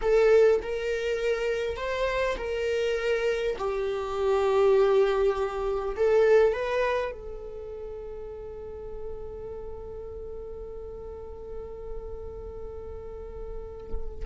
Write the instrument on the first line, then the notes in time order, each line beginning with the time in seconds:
viola
0.01 A4
0.62 A#4
1.77 C5
2.37 A#4
3.58 G4
5.96 A4
6.52 B4
7.11 A4